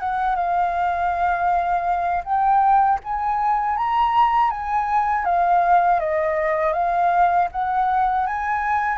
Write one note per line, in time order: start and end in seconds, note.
0.00 0.36 F#5
0.36 2.23 F5
2.25 3.00 G5
3.04 3.77 G#5
3.77 4.51 A#5
4.51 5.25 G#5
5.25 6.00 F5
6.00 6.73 D#5
6.73 7.48 F5
7.52 8.27 F#5
8.27 8.98 G#5